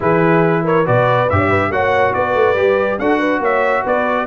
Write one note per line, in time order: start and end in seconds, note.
0.00 0.87 E3
0.00 0.84 E4
0.00 0.64 G#4
0.00 0.66 B4
0.64 0.85 A#4
0.64 0.87 C#5
0.85 1.30 B2
0.85 1.28 F#4
0.85 1.36 B4
0.85 1.29 D5
1.29 1.70 G2
1.29 1.71 G4
1.29 1.72 E5
1.36 1.47 C#5
1.49 1.70 B4
1.70 2.13 A#3
1.70 2.55 F#4
1.70 2.15 C#5
1.70 2.13 F#5
2.13 2.34 B3
2.13 3.00 B4
2.13 2.99 D5
2.34 2.54 A3
2.54 2.97 G3
2.54 2.98 G4
2.98 3.39 D4
2.98 4.26 F#4
2.98 3.19 A4
2.98 3.42 F#5
3.19 3.40 B4
3.39 3.82 A#3
3.39 3.82 C#5
3.39 3.86 E5
3.82 4.26 B3
3.82 4.25 B4
3.82 4.26 D5